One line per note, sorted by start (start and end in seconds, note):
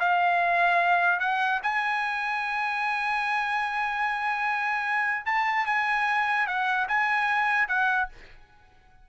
0.00 1.20 F5
1.20 1.61 F#5
1.63 5.26 G#5
5.26 5.66 A5
5.66 6.47 G#5
6.47 6.87 F#5
6.88 7.68 G#5
7.68 8.09 F#5